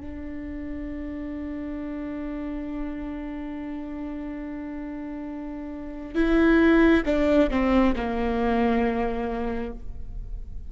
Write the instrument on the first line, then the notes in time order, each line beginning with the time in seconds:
viola
0.00 D4
6.14 E4
7.05 D4
7.50 C4
7.95 A#3